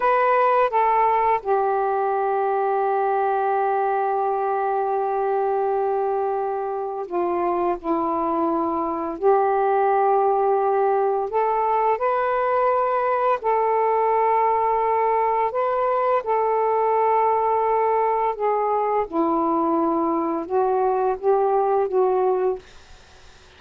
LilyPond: \new Staff \with { instrumentName = "saxophone" } { \time 4/4 \tempo 4 = 85 b'4 a'4 g'2~ | g'1~ | g'2 f'4 e'4~ | e'4 g'2. |
a'4 b'2 a'4~ | a'2 b'4 a'4~ | a'2 gis'4 e'4~ | e'4 fis'4 g'4 fis'4 | }